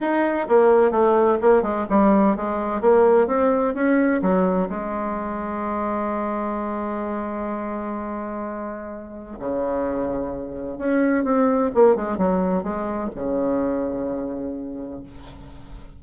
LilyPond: \new Staff \with { instrumentName = "bassoon" } { \time 4/4 \tempo 4 = 128 dis'4 ais4 a4 ais8 gis8 | g4 gis4 ais4 c'4 | cis'4 fis4 gis2~ | gis1~ |
gis1 | cis2. cis'4 | c'4 ais8 gis8 fis4 gis4 | cis1 | }